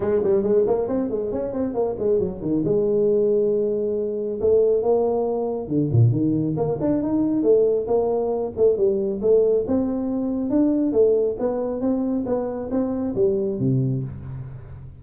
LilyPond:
\new Staff \with { instrumentName = "tuba" } { \time 4/4 \tempo 4 = 137 gis8 g8 gis8 ais8 c'8 gis8 cis'8 c'8 | ais8 gis8 fis8 dis8 gis2~ | gis2 a4 ais4~ | ais4 d8 ais,8 dis4 ais8 d'8 |
dis'4 a4 ais4. a8 | g4 a4 c'2 | d'4 a4 b4 c'4 | b4 c'4 g4 c4 | }